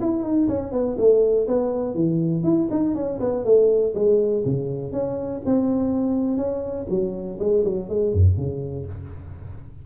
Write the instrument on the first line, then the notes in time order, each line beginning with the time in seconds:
tuba
0.00 E4
0.23 D#4
0.48 C#4
0.72 B3
0.98 A3
1.47 B3
1.94 E3
2.43 E4
2.70 D#4
2.95 C#4
3.20 B3
3.44 A3
3.95 G#3
4.45 C#3
4.92 C#4
5.45 C4
6.37 C#4
6.89 F#3
7.39 G#3
7.65 F#3
7.89 G#3
8.13 F#2
8.37 C#3